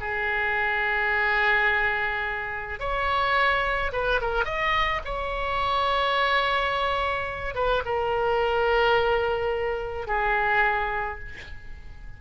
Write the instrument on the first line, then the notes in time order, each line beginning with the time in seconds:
oboe
0.00 G#4
2.79 C#5
3.92 B4
4.21 A#4
4.45 D#5
5.04 C#5
7.54 B4
7.85 A#4
10.07 G#4